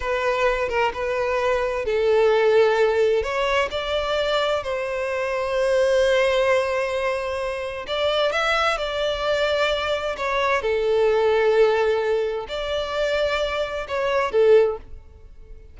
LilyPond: \new Staff \with { instrumentName = "violin" } { \time 4/4 \tempo 4 = 130 b'4. ais'8 b'2 | a'2. cis''4 | d''2 c''2~ | c''1~ |
c''4 d''4 e''4 d''4~ | d''2 cis''4 a'4~ | a'2. d''4~ | d''2 cis''4 a'4 | }